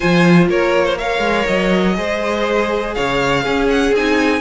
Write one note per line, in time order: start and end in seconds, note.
0.00 0.47 F3
0.00 0.96 F4
0.00 0.48 C5
0.00 0.47 G#5
0.47 1.19 A#3
0.47 0.85 A#4
0.47 0.97 C#5
0.85 0.97 C5
0.97 1.94 A#4
0.97 1.96 C#5
0.97 1.46 F5
1.19 1.43 G#3
1.46 1.97 F#3
1.46 2.94 D#5
1.94 2.96 G#3
1.94 3.41 G#4
1.94 2.95 C5
2.94 3.46 C#3
2.94 3.42 C#5
2.94 3.68 F5
3.42 3.93 C#4
3.42 3.91 C#4
3.42 4.40 G#4
3.70 3.94 F#5
3.91 4.40 C4
3.91 4.40 D#4
3.91 4.40 G#5